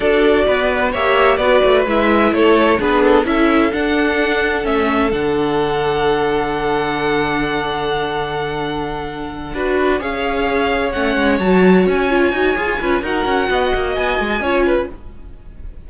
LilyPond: <<
  \new Staff \with { instrumentName = "violin" } { \time 4/4 \tempo 4 = 129 d''2 e''4 d''4 | e''4 cis''4 b'8 a'8 e''4 | fis''2 e''4 fis''4~ | fis''1~ |
fis''1~ | fis''4. f''2 fis''8~ | fis''8 a''4 gis''2~ gis''8 | fis''2 gis''2 | }
  \new Staff \with { instrumentName = "violin" } { \time 4/4 a'4 b'4 cis''4 b'4~ | b'4 a'4 gis'4 a'4~ | a'1~ | a'1~ |
a'1~ | a'8 b'4 cis''2~ cis''8~ | cis''2.~ cis''8 b'8 | ais'4 dis''2 cis''8 b'8 | }
  \new Staff \with { instrumentName = "viola" } { \time 4/4 fis'2 g'4 fis'4 | e'2 d'4 e'4 | d'2 cis'4 d'4~ | d'1~ |
d'1~ | d'8 fis'4 gis'2 cis'8~ | cis'8 fis'4. f'8 fis'8 gis'8 f'8 | fis'2. f'4 | }
  \new Staff \with { instrumentName = "cello" } { \time 4/4 d'4 b4 ais4 b8 a8 | gis4 a4 b4 cis'4 | d'2 a4 d4~ | d1~ |
d1~ | d8 d'4 cis'2 a8 | gis8 fis4 cis'4 dis'8 f'8 cis'8 | dis'8 cis'8 b8 ais8 b8 gis8 cis'4 | }
>>